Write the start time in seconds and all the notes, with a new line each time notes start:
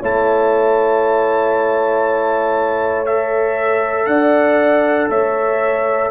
0.00 A3 E4 C#5 A5
3.06 A4 E5
4.07 D4 D5 F#5
5.10 A3 C#5 E5